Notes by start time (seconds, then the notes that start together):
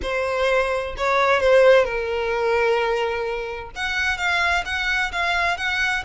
0.02 C5
0.97 C#5
1.40 C5
1.84 A#4
3.75 F#5
4.17 F5
4.65 F#5
5.12 F5
5.57 F#5